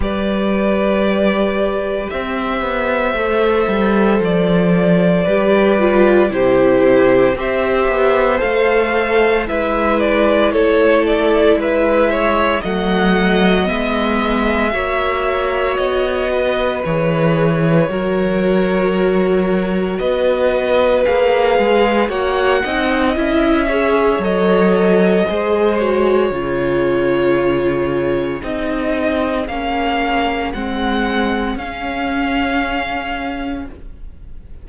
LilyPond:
<<
  \new Staff \with { instrumentName = "violin" } { \time 4/4 \tempo 4 = 57 d''2 e''2 | d''2 c''4 e''4 | f''4 e''8 d''8 cis''8 d''8 e''4 | fis''4 e''2 dis''4 |
cis''2. dis''4 | f''4 fis''4 e''4 dis''4~ | dis''8 cis''2~ cis''8 dis''4 | f''4 fis''4 f''2 | }
  \new Staff \with { instrumentName = "violin" } { \time 4/4 b'2 c''2~ | c''4 b'4 g'4 c''4~ | c''4 b'4 a'4 b'8 cis''8 | dis''2 cis''4. b'8~ |
b'4 ais'2 b'4~ | b'4 cis''8 dis''4 cis''4. | c''4 gis'2.~ | gis'1 | }
  \new Staff \with { instrumentName = "viola" } { \time 4/4 g'2. a'4~ | a'4 g'8 f'8 e'4 g'4 | a'4 e'2. | a4 b4 fis'2 |
gis'4 fis'2. | gis'4 fis'8 dis'8 e'8 gis'8 a'4 | gis'8 fis'8 f'2 dis'4 | cis'4 c'4 cis'2 | }
  \new Staff \with { instrumentName = "cello" } { \time 4/4 g2 c'8 b8 a8 g8 | f4 g4 c4 c'8 b8 | a4 gis4 a4 gis4 | fis4 gis4 ais4 b4 |
e4 fis2 b4 | ais8 gis8 ais8 c'8 cis'4 fis4 | gis4 cis2 c'4 | ais4 gis4 cis'2 | }
>>